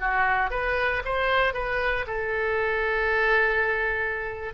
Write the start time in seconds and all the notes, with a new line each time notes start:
0.00 F#4
0.50 B4
1.05 C5
1.53 B4
2.07 A4